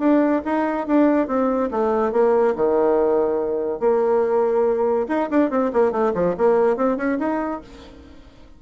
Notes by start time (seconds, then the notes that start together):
0.00 D4
0.45 D#4
0.88 D4
1.28 C4
1.71 A3
2.13 A#3
2.56 D#3
3.80 A#3
5.09 D#4
5.31 D4
5.51 C4
5.73 A#3
5.92 A3
6.15 F3
6.38 A#3
6.77 C4
6.97 C#4
7.19 D#4